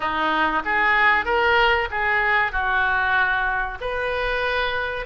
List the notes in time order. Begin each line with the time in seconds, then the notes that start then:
0.00 D#4
0.64 G#4
1.25 A#4
1.91 G#4
2.51 F#4
3.81 B4